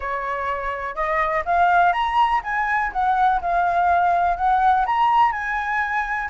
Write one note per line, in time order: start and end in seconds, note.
0.00 0.95 C#5
0.95 1.43 D#5
1.45 1.92 F5
1.92 2.41 A#5
2.43 2.91 G#5
2.92 3.40 F#5
3.41 4.36 F5
4.36 4.85 F#5
4.86 5.32 A#5
5.32 6.28 G#5